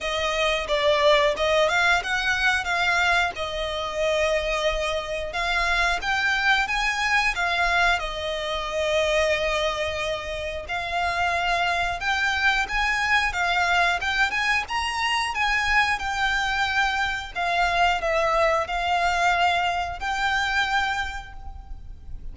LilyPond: \new Staff \with { instrumentName = "violin" } { \time 4/4 \tempo 4 = 90 dis''4 d''4 dis''8 f''8 fis''4 | f''4 dis''2. | f''4 g''4 gis''4 f''4 | dis''1 |
f''2 g''4 gis''4 | f''4 g''8 gis''8 ais''4 gis''4 | g''2 f''4 e''4 | f''2 g''2 | }